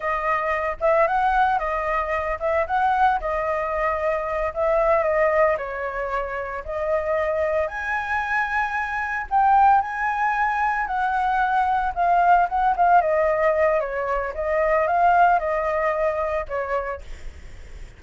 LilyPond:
\new Staff \with { instrumentName = "flute" } { \time 4/4 \tempo 4 = 113 dis''4. e''8 fis''4 dis''4~ | dis''8 e''8 fis''4 dis''2~ | dis''8 e''4 dis''4 cis''4.~ | cis''8 dis''2 gis''4.~ |
gis''4. g''4 gis''4.~ | gis''8 fis''2 f''4 fis''8 | f''8 dis''4. cis''4 dis''4 | f''4 dis''2 cis''4 | }